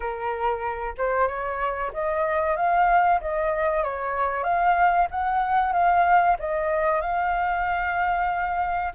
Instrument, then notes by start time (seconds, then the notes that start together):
flute
0.00 A#4
0.97 C5
1.27 C#5
1.93 D#5
2.56 F5
3.20 D#5
3.83 C#5
4.43 F5
5.10 F#5
5.72 F5
6.39 D#5
7.01 F5